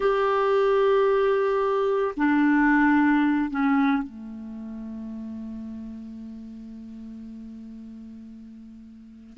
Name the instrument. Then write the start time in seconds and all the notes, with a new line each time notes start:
clarinet
0.00 G4
2.16 D4
3.50 C#4
4.03 A3